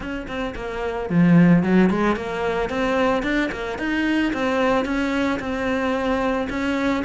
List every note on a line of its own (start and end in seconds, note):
0.00 0.26 C#4
0.27 0.54 C4
0.55 1.09 A#3
1.09 1.63 F3
1.63 1.90 F#3
1.90 2.15 G#3
2.15 2.69 A#3
2.69 3.22 C4
3.22 3.49 D4
3.51 3.78 A#3
3.78 4.32 D#4
4.33 4.85 C4
4.85 5.39 C#4
5.39 6.47 C4
6.49 7.03 C#4